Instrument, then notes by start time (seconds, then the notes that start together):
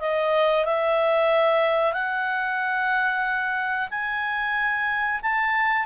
clarinet
0.00 D#5
0.65 E5
1.93 F#5
3.90 G#5
5.22 A5